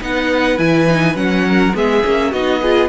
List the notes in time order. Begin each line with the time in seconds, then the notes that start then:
0.00 B3 D#4 B4 F#5
0.58 E3 E4 G#5
0.89 D#4
1.14 F#3 C#4 F#5
1.48 A#4
1.74 G#3 B3 G#4 E5
2.04 A#3 C#4
2.31 B3 D#4 F#4 D#5
2.61 F4 G#4